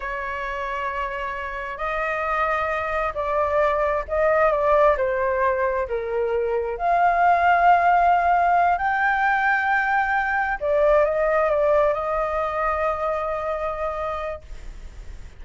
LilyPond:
\new Staff \with { instrumentName = "flute" } { \time 4/4 \tempo 4 = 133 cis''1 | dis''2. d''4~ | d''4 dis''4 d''4 c''4~ | c''4 ais'2 f''4~ |
f''2.~ f''8 g''8~ | g''2.~ g''8 d''8~ | d''8 dis''4 d''4 dis''4.~ | dis''1 | }